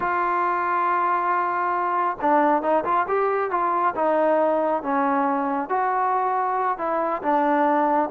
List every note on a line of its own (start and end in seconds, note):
0.00 2.17 F4
2.21 2.62 D4
2.62 2.84 D#4
2.84 3.06 F4
3.08 3.50 G4
3.50 3.94 F4
3.95 4.82 D#4
4.82 5.69 C#4
5.69 6.78 F#4
6.78 7.21 E4
7.22 8.09 D4